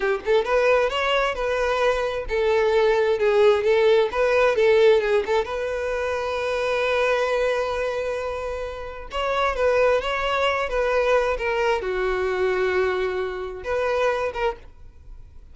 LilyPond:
\new Staff \with { instrumentName = "violin" } { \time 4/4 \tempo 4 = 132 g'8 a'8 b'4 cis''4 b'4~ | b'4 a'2 gis'4 | a'4 b'4 a'4 gis'8 a'8 | b'1~ |
b'1 | cis''4 b'4 cis''4. b'8~ | b'4 ais'4 fis'2~ | fis'2 b'4. ais'8 | }